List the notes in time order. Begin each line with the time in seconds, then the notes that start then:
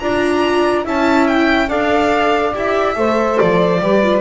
0.00 D4 F4 D5 A#5
0.84 C#4 E4 E5 A5
1.28 G5
1.68 D4 A4 D5 F5
2.54 E4 G4 E5
2.95 A3 A4 C5
3.39 F3 D5
3.80 G3 G4 B4
4.03 F4